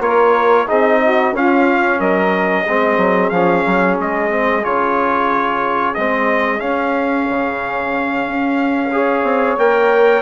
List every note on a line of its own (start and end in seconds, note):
0.00 0.66 A#3
0.00 0.67 F4
0.00 0.68 C#5
0.06 0.66 A#4
0.66 1.33 C4
0.66 1.33 D#4
0.66 0.99 G#4
0.66 1.35 D#5
1.03 1.36 F#4
1.33 1.99 C#4
1.33 2.67 C#4
1.33 1.99 F4
1.33 2.01 F5
1.99 2.66 F#3
1.99 2.64 A#4
1.99 3.30 D#5
2.64 2.98 G#3
2.64 3.33 C4
2.64 8.90 G#4
2.98 3.31 F#3
3.30 3.64 F3
3.30 4.30 C#4
3.30 3.96 F5
3.66 3.99 F#3
3.99 4.65 G#3
3.99 4.65 D#5
4.30 4.63 C4
4.63 5.97 C#3
4.63 5.95 F4
4.63 5.95 C#5
5.95 6.60 G#3
5.95 6.59 C4
5.95 6.60 D#5
6.59 8.90 C#4
6.59 7.26 C#4
6.59 9.57 F5
7.30 8.28 C#3
8.28 9.24 C#4
8.93 9.59 G#4
8.93 10.22 C#5
9.24 9.57 C4
9.58 10.22 A#3
9.58 10.22 A#4
9.58 10.22 G5